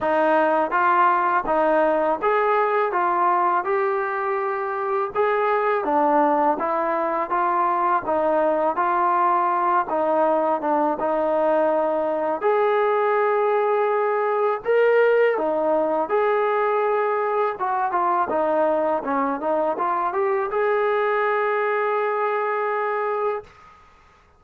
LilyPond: \new Staff \with { instrumentName = "trombone" } { \time 4/4 \tempo 4 = 82 dis'4 f'4 dis'4 gis'4 | f'4 g'2 gis'4 | d'4 e'4 f'4 dis'4 | f'4. dis'4 d'8 dis'4~ |
dis'4 gis'2. | ais'4 dis'4 gis'2 | fis'8 f'8 dis'4 cis'8 dis'8 f'8 g'8 | gis'1 | }